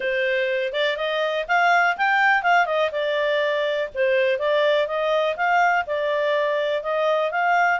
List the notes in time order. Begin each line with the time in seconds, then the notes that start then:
0.00 C5
0.72 D5
0.96 D#5
1.48 F5
1.97 G5
2.43 F5
2.66 D#5
2.91 D5
3.94 C5
4.38 D5
4.87 D#5
5.36 F5
5.86 D5
6.82 D#5
7.31 F5